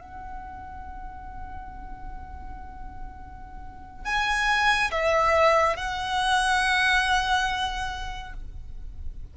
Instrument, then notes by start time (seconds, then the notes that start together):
violin
0.00 F#5
4.05 G#5
4.91 E5
5.76 F#5